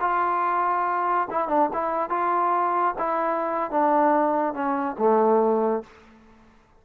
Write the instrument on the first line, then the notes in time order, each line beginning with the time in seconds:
trombone
0.00 F4
1.30 E4
1.48 D4
1.73 E4
2.09 F4
2.98 E4
3.70 D4
4.53 C#4
4.98 A3